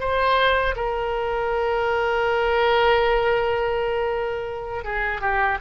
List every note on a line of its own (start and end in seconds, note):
0.00 0.75 C5
0.76 4.84 A#4
4.84 5.21 G#4
5.21 5.59 G4